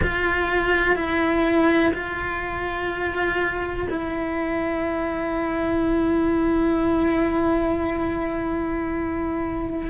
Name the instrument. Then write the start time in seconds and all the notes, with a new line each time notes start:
cello
0.02 F4
0.95 E4
1.94 F4
3.89 E4